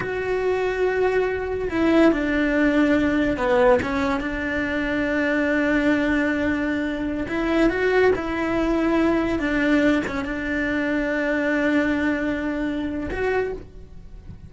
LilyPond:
\new Staff \with { instrumentName = "cello" } { \time 4/4 \tempo 4 = 142 fis'1 | e'4 d'2. | b4 cis'4 d'2~ | d'1~ |
d'4~ d'16 e'4 fis'4 e'8.~ | e'2~ e'16 d'4. cis'16~ | cis'16 d'2.~ d'8.~ | d'2. fis'4 | }